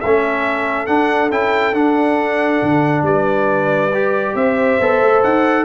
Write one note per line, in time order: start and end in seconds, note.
0.00 0.87 A3
0.00 0.87 C#4
0.00 3.04 A4
0.00 0.86 E5
0.86 1.30 D4
0.86 1.31 D4
0.86 1.30 F#5
1.31 1.74 C#4
1.31 1.74 E4
1.31 1.74 G5
1.74 2.61 D4
1.74 3.91 D4
1.74 3.05 F#5
2.62 3.02 D3
3.02 4.33 G3
3.02 4.35 B4
3.02 4.35 D5
3.93 4.80 G4
4.35 4.78 C4
4.35 5.65 C5
4.35 5.22 E5
4.80 5.01 B3
4.80 5.65 A4
5.01 5.23 A3
5.23 5.65 D#4
5.23 5.65 F#5